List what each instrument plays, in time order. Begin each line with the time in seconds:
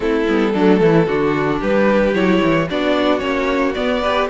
0.00 cello A3, viola C4, violin E4 A4
0.28 cello G3, viola B3
0.53 cello F#3, viola A3, violin D4
0.80 cello E3, violin E4
1.06 cello D3, viola D4, violin F#4
1.59 cello G3, violin G4 B4
2.13 cello F#3, viola E4, violin C#5
2.43 cello E3
2.69 cello B3, viola D4, violin F#4 D5
3.19 cello A#3, viola C#4, violin C#5
3.74 viola B3, cello B3, violin D5
4.01 viola G4, violin B4